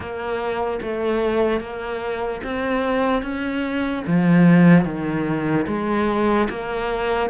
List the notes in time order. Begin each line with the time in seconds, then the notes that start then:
0.00 A#3
0.81 A3
1.60 A#3
2.43 C4
3.22 C#4
4.06 F3
4.84 D#3
5.67 G#3
6.49 A#3